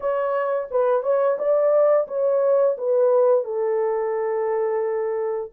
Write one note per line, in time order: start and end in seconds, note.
0.00 0.68 C#5
0.71 1.02 B4
1.02 1.37 C#5
1.38 2.07 D5
2.07 2.76 C#5
2.77 3.44 B4
3.44 5.51 A4